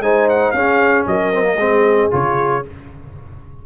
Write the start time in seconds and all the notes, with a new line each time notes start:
0.00 G#3 D#4 C5 G#5
0.29 F#5
0.51 C#4 G#4 F5
1.07 F#3 A#4 D#5
1.33 C4
1.43 A#3
1.57 G#3 C4 G#4
2.11 C#3 F4 C#5